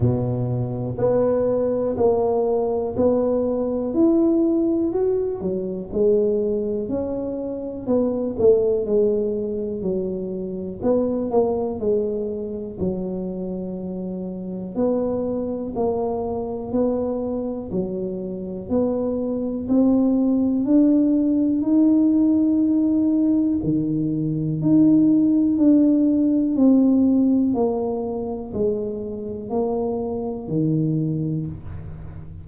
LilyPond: \new Staff \with { instrumentName = "tuba" } { \time 4/4 \tempo 4 = 61 b,4 b4 ais4 b4 | e'4 fis'8 fis8 gis4 cis'4 | b8 a8 gis4 fis4 b8 ais8 | gis4 fis2 b4 |
ais4 b4 fis4 b4 | c'4 d'4 dis'2 | dis4 dis'4 d'4 c'4 | ais4 gis4 ais4 dis4 | }